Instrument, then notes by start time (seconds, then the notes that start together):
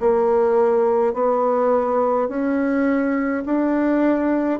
bassoon
0.00 A#3
1.14 B3
2.29 C#4
3.46 D4